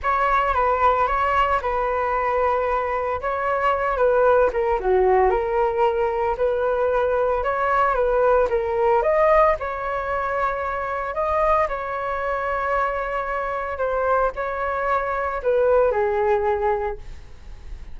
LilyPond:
\new Staff \with { instrumentName = "flute" } { \time 4/4 \tempo 4 = 113 cis''4 b'4 cis''4 b'4~ | b'2 cis''4. b'8~ | b'8 ais'8 fis'4 ais'2 | b'2 cis''4 b'4 |
ais'4 dis''4 cis''2~ | cis''4 dis''4 cis''2~ | cis''2 c''4 cis''4~ | cis''4 b'4 gis'2 | }